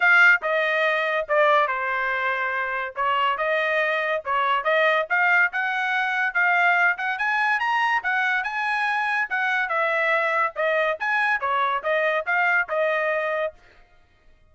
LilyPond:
\new Staff \with { instrumentName = "trumpet" } { \time 4/4 \tempo 4 = 142 f''4 dis''2 d''4 | c''2. cis''4 | dis''2 cis''4 dis''4 | f''4 fis''2 f''4~ |
f''8 fis''8 gis''4 ais''4 fis''4 | gis''2 fis''4 e''4~ | e''4 dis''4 gis''4 cis''4 | dis''4 f''4 dis''2 | }